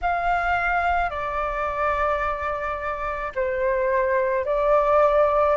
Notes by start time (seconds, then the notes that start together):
0.01 F5
1.10 D5
3.35 C5
4.45 D5